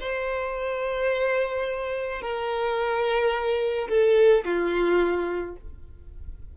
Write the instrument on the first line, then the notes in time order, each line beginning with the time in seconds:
violin
0.00 C5
2.21 A#4
3.88 A4
4.44 F4